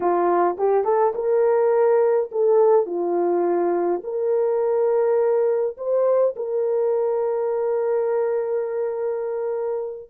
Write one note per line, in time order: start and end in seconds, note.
0.00 0.56 F4
0.58 0.84 G4
0.84 1.13 A4
1.14 2.30 A#4
2.31 2.86 A4
2.86 4.01 F4
4.03 5.76 A#4
5.77 6.35 C5
6.36 10.10 A#4